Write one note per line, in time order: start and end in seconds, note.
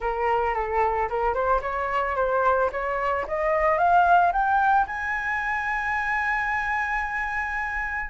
0.00 0.54 A#4
0.54 1.08 A4
1.09 1.34 A#4
1.34 1.61 C5
1.61 2.15 C#5
2.16 2.70 C5
2.71 3.26 C#5
3.27 3.78 D#5
3.78 4.32 F5
4.32 4.86 G5
4.86 8.10 G#5